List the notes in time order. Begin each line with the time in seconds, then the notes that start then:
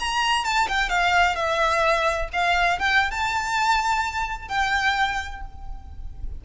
0.00 A#5
0.45 A5
0.68 G5
0.90 F5
1.36 E5
2.33 F5
2.79 G5
3.11 A5
4.49 G5